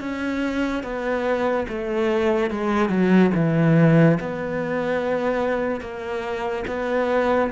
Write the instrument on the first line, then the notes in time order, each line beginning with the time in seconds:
cello
0.00 C#4
0.83 B3
1.69 A3
2.51 G#3
2.89 F#3
3.35 E3
4.20 B3
5.81 A#3
6.67 B3